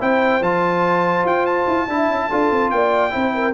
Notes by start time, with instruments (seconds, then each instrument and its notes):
0.00 tuba C4, trombone E4, horn C5, trumpet G5
0.41 tuba F3, trombone F4, trumpet A5
1.24 tuba F4, trumpet G5
1.46 trumpet A5
1.67 tuba E4
1.88 tuba D4, trombone E4, horn E5
2.08 tuba C#4
2.30 tuba D4, trombone F4, horn A4
2.51 tuba C4
2.71 tuba A#3, horn D5, trumpet G5
3.11 tuba C4, trombone E4, horn C5
3.34 horn A#4